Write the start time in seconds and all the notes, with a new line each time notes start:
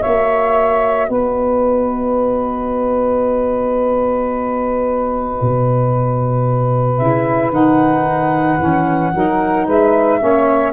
0.00 A#3 F#4 C#5 E5
1.08 B3 B4 D#5
5.41 B2
6.97 C#3 E4 E5
7.50 D#3 D#4 F#5
8.58 E3 C#4
9.14 F#3 D#4 A#4
9.66 G#3 B4 E5
10.20 A#3 C#4 C#5